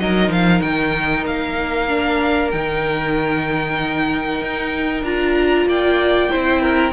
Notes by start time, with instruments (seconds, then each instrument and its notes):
0.00 cello F#3, viola D#4, violin A#4 D#5
0.29 cello F3, violin F5
0.61 cello D#3, violin G5
1.26 cello A#3, violin F5
1.89 viola D4
2.51 cello D#3, viola D#4, violin G5
4.42 cello D#4
5.04 cello D4, viola F4, violin A#5
5.66 cello A#3, violin D5 G5
6.31 cello C4, viola E4, violin C5
6.62 violin A#4